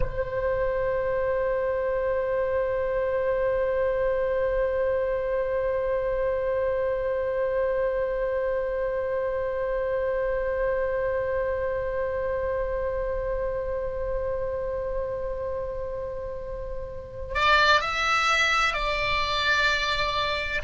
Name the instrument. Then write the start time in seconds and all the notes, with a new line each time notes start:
oboe
0.00 C5
17.34 D5
17.80 E5
18.73 D5